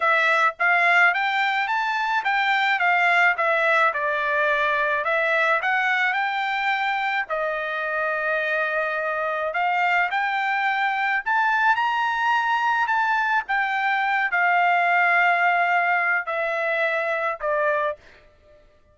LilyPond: \new Staff \with { instrumentName = "trumpet" } { \time 4/4 \tempo 4 = 107 e''4 f''4 g''4 a''4 | g''4 f''4 e''4 d''4~ | d''4 e''4 fis''4 g''4~ | g''4 dis''2.~ |
dis''4 f''4 g''2 | a''4 ais''2 a''4 | g''4. f''2~ f''8~ | f''4 e''2 d''4 | }